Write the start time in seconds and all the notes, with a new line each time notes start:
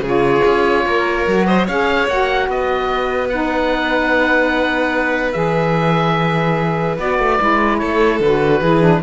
0.00 C#3 F4 G#4
0.08 C#5
0.45 C#4
0.86 A#3 A#4
1.27 F#3 F#4
1.46 C5 D#5
1.67 C#4 G#4 C#5 F5
2.07 A#3 F#4 F#5
2.48 B3 B4 D#5
3.29 D#4 F#5
5.33 E3 G#4 E5
6.98 B3 F#4 D5
7.18 A3
7.40 G#3 E4
7.78 A3 A4 C#5
8.20 D3 F#4 B4
8.61 E3 E4 G#4
8.81 D4